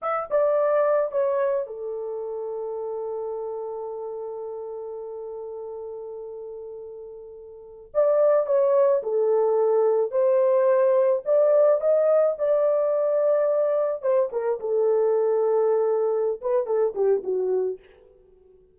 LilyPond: \new Staff \with { instrumentName = "horn" } { \time 4/4 \tempo 4 = 108 e''8 d''4. cis''4 a'4~ | a'1~ | a'1~ | a'2~ a'16 d''4 cis''8.~ |
cis''16 a'2 c''4.~ c''16~ | c''16 d''4 dis''4 d''4.~ d''16~ | d''4~ d''16 c''8 ais'8 a'4.~ a'16~ | a'4. b'8 a'8 g'8 fis'4 | }